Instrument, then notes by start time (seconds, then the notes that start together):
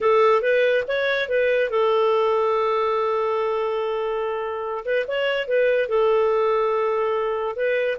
clarinet
0.00 A4
0.42 B4
0.87 C#5
1.29 B4
1.70 A4
4.85 B4
5.07 C#5
5.47 B4
5.88 A4
7.56 B4